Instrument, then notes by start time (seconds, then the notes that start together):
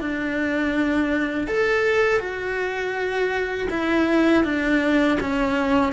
cello
0.00 D4
1.47 A4
2.19 F#4
3.70 E4
4.44 D4
5.20 C#4